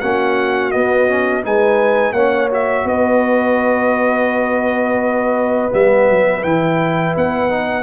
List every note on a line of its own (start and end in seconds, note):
0.00 0.74 A#3
0.00 0.72 C#4
0.00 1.45 F#4
0.00 0.71 F#5
0.71 1.08 B3
0.71 1.45 B3
0.71 1.43 D#5
1.08 1.43 C#4
1.43 2.12 G#3
1.43 2.15 D#4
1.43 2.14 B4
1.43 2.13 G#5
2.12 2.84 A#3
2.12 2.51 C#4
2.12 2.85 C#5
2.12 2.49 F#5
2.51 5.71 F#4
2.51 2.88 E5
2.85 5.70 B3
2.85 7.83 B4
2.85 5.74 D#5
5.71 6.09 G3
5.71 6.42 B3
5.71 6.43 E5
6.09 6.44 F#3
6.43 7.15 E3
6.43 7.50 E4
6.43 7.15 G5
7.17 7.83 B3
7.17 7.83 F#5
7.50 7.83 D#4